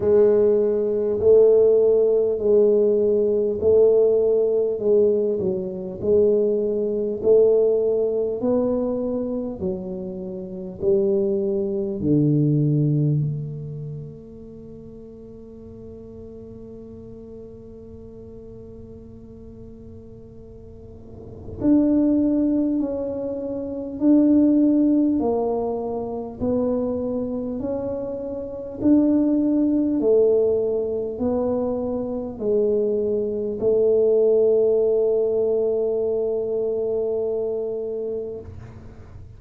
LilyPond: \new Staff \with { instrumentName = "tuba" } { \time 4/4 \tempo 4 = 50 gis4 a4 gis4 a4 | gis8 fis8 gis4 a4 b4 | fis4 g4 d4 a4~ | a1~ |
a2 d'4 cis'4 | d'4 ais4 b4 cis'4 | d'4 a4 b4 gis4 | a1 | }